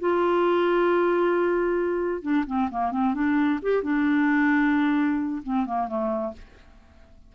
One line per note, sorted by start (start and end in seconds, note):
0.00 2.22 F4
2.22 2.45 D4
2.47 2.70 C4
2.71 2.92 A#3
2.92 3.14 C4
3.14 3.60 D4
3.62 3.83 G4
3.83 5.42 D4
5.43 5.66 C4
5.66 5.88 A#3
5.88 6.33 A3